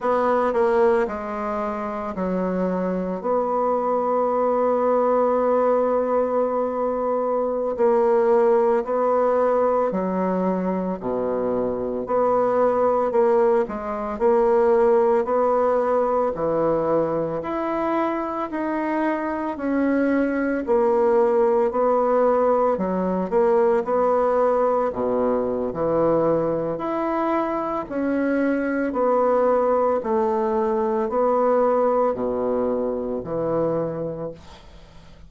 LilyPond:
\new Staff \with { instrumentName = "bassoon" } { \time 4/4 \tempo 4 = 56 b8 ais8 gis4 fis4 b4~ | b2.~ b16 ais8.~ | ais16 b4 fis4 b,4 b8.~ | b16 ais8 gis8 ais4 b4 e8.~ |
e16 e'4 dis'4 cis'4 ais8.~ | ais16 b4 fis8 ais8 b4 b,8. | e4 e'4 cis'4 b4 | a4 b4 b,4 e4 | }